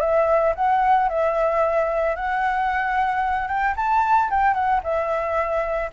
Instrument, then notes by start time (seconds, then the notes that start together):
flute
0.00 E5
0.55 F#5
1.09 E5
2.15 F#5
3.47 G5
3.76 A5
4.30 G5
4.54 F#5
4.83 E5